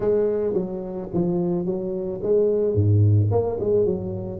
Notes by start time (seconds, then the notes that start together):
0.00 G#3
0.53 F#3
1.13 F3
1.65 F#3
2.22 G#3
2.74 G#2
3.31 A#3
3.60 G#3
3.85 F#3